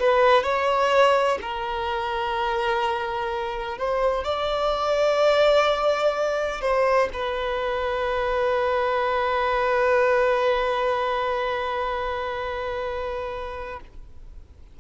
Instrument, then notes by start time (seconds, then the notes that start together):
violin
0.00 B4
0.43 C#5
1.42 A#4
3.78 C5
4.24 D5
6.61 C5
7.13 B4